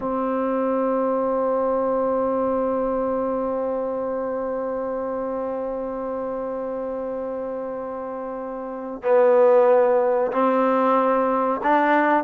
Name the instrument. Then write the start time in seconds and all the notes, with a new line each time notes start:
trombone
0.00 C4
9.02 B3
10.31 C4
11.63 D4